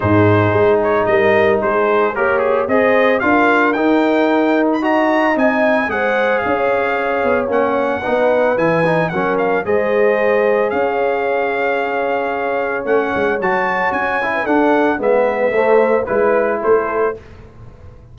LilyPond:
<<
  \new Staff \with { instrumentName = "trumpet" } { \time 4/4 \tempo 4 = 112 c''4. cis''8 dis''4 c''4 | ais'8 gis'8 dis''4 f''4 g''4~ | g''8. b''16 ais''4 gis''4 fis''4 | f''2 fis''2 |
gis''4 fis''8 f''8 dis''2 | f''1 | fis''4 a''4 gis''4 fis''4 | e''2 b'4 c''4 | }
  \new Staff \with { instrumentName = "horn" } { \time 4/4 gis'2 ais'4 gis'4 | cis''4 c''4 ais'2~ | ais'4 dis''2 c''4 | cis''2. b'4~ |
b'4 ais'4 c''2 | cis''1~ | cis''2~ cis''8. b'16 a'4 | b'4 c''4 b'4 a'4 | }
  \new Staff \with { instrumentName = "trombone" } { \time 4/4 dis'1 | g'4 gis'4 f'4 dis'4~ | dis'4 fis'4 dis'4 gis'4~ | gis'2 cis'4 dis'4 |
e'8 dis'8 cis'4 gis'2~ | gis'1 | cis'4 fis'4. e'8 d'4 | b4 a4 e'2 | }
  \new Staff \with { instrumentName = "tuba" } { \time 4/4 gis,4 gis4 g4 gis4 | ais4 c'4 d'4 dis'4~ | dis'2 c'4 gis4 | cis'4. b8 ais4 b4 |
e4 fis4 gis2 | cis'1 | a8 gis8 fis4 cis'4 d'4 | gis4 a4 gis4 a4 | }
>>